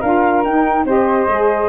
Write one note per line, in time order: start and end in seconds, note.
0.00 0.44 D4
0.00 0.45 F4
0.00 0.84 A#4
0.00 0.43 F5
0.44 0.85 D#4
0.44 0.86 D#4
0.44 0.86 G5
0.85 1.26 C4
0.85 1.28 G4
0.85 1.69 C5
0.85 1.69 D#5
1.27 1.69 G#3
1.27 1.69 G#4